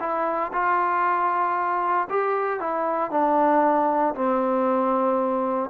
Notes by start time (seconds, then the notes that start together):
0.00 E4
0.53 F4
2.10 G4
2.60 E4
3.11 D4
4.15 C4